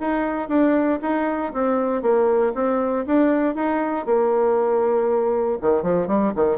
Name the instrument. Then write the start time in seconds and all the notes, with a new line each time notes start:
bassoon
0.00 D#4
0.48 D4
1.01 D#4
1.53 C4
2.02 A#3
2.54 C4
3.06 D4
3.55 D#4
4.06 A#3
5.61 D#3
5.82 F3
6.07 G3
6.35 D#3